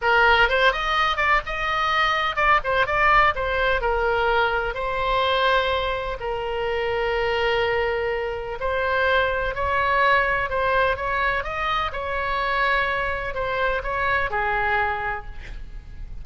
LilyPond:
\new Staff \with { instrumentName = "oboe" } { \time 4/4 \tempo 4 = 126 ais'4 c''8 dis''4 d''8 dis''4~ | dis''4 d''8 c''8 d''4 c''4 | ais'2 c''2~ | c''4 ais'2.~ |
ais'2 c''2 | cis''2 c''4 cis''4 | dis''4 cis''2. | c''4 cis''4 gis'2 | }